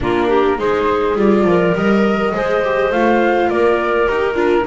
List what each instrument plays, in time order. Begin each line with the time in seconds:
0.00 double bass A#3, viola D4, clarinet F4, flute A#4
0.28 clarinet G4
0.57 double bass G#3, viola D#4, clarinet G#4, flute C5
1.15 double bass G3, viola F4, flute D5
1.44 double bass F3, clarinet A#4
1.74 double bass G3, viola A#4, flute D#5
2.33 double bass G#3, viola G#4, clarinet C5
2.64 viola G4
2.90 double bass A3, viola F4, flute F5
3.49 double bass A#3, clarinet A#4, flute D5
4.07 double bass D#4, viola G4, flute A#4
4.34 double bass D4, viola F4